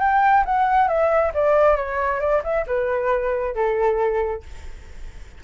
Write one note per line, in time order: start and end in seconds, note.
0.00 0.44 G5
0.46 0.88 F#5
0.88 1.32 E5
1.34 1.76 D5
1.76 2.20 C#5
2.20 2.42 D5
2.44 2.66 E5
2.67 3.55 B4
3.55 4.43 A4